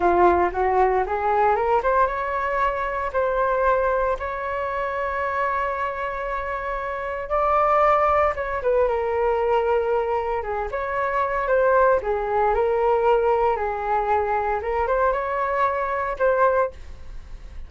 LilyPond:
\new Staff \with { instrumentName = "flute" } { \time 4/4 \tempo 4 = 115 f'4 fis'4 gis'4 ais'8 c''8 | cis''2 c''2 | cis''1~ | cis''2 d''2 |
cis''8 b'8 ais'2. | gis'8 cis''4. c''4 gis'4 | ais'2 gis'2 | ais'8 c''8 cis''2 c''4 | }